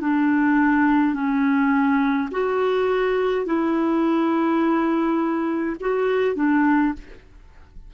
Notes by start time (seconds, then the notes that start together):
0.00 D4
1.13 C#4
2.31 F#4
3.45 E4
5.80 F#4
6.35 D4